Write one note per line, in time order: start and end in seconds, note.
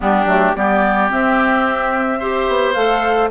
0.00 0.25 G3
0.00 0.26 B3
0.00 0.56 D4
0.00 0.55 G4
0.25 0.53 F#3
0.25 0.54 A3
0.55 1.11 G3
0.55 1.09 B3
0.55 2.19 G4
0.55 1.10 D5
1.09 2.19 C4
1.09 2.48 C4
1.09 2.73 E5
2.19 2.75 G4
2.19 3.29 C5
2.48 2.75 B3
2.73 3.30 A3
2.73 3.30 A4
2.73 3.28 F5